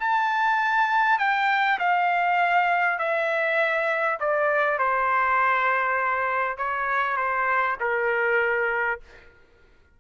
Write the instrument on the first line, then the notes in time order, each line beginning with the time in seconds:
trumpet
0.00 A5
1.19 G5
1.79 F5
2.99 E5
4.20 D5
4.79 C5
6.57 C#5
7.17 C5
7.80 A#4